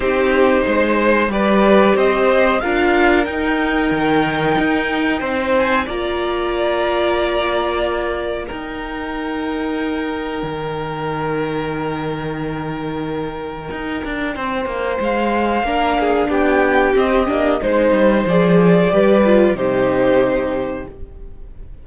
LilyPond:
<<
  \new Staff \with { instrumentName = "violin" } { \time 4/4 \tempo 4 = 92 c''2 d''4 dis''4 | f''4 g''2.~ | g''8 gis''8 ais''2.~ | ais''4 g''2.~ |
g''1~ | g''2. f''4~ | f''4 g''4 dis''4 c''4 | d''2 c''2 | }
  \new Staff \with { instrumentName = "violin" } { \time 4/4 g'4 c''4 b'4 c''4 | ais'1 | c''4 d''2.~ | d''4 ais'2.~ |
ais'1~ | ais'2 c''2 | ais'8 gis'8 g'2 c''4~ | c''4 b'4 g'2 | }
  \new Staff \with { instrumentName = "viola" } { \time 4/4 dis'2 g'2 | f'4 dis'2.~ | dis'4 f'2.~ | f'4 dis'2.~ |
dis'1~ | dis'1 | d'2 c'8 d'8 dis'4 | gis'4 g'8 f'8 dis'2 | }
  \new Staff \with { instrumentName = "cello" } { \time 4/4 c'4 gis4 g4 c'4 | d'4 dis'4 dis4 dis'4 | c'4 ais2.~ | ais4 dis'2. |
dis1~ | dis4 dis'8 d'8 c'8 ais8 gis4 | ais4 b4 c'8 ais8 gis8 g8 | f4 g4 c2 | }
>>